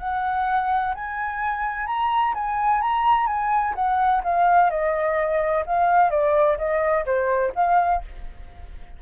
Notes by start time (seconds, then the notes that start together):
0.00 F#5
0.95 G#5
1.87 A#5
2.35 G#5
2.82 A#5
3.27 G#5
3.75 F#5
4.24 F5
4.71 D#5
5.67 F5
6.11 D5
6.58 D#5
7.06 C5
7.56 F5